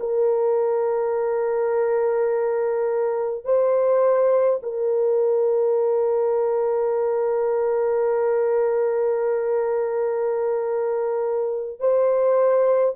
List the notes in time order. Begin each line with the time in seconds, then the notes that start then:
0.00 A#4
3.45 C5
4.63 A#4
11.80 C5